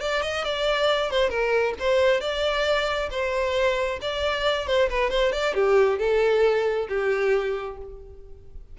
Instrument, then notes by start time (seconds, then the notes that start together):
violin
0.00 D5
0.22 D#5
0.44 D5
1.11 C5
1.29 A#4
1.79 C5
2.21 D5
3.11 C5
4.01 D5
4.67 C5
4.89 B4
5.10 C5
5.32 D5
5.54 G4
5.99 A4
6.88 G4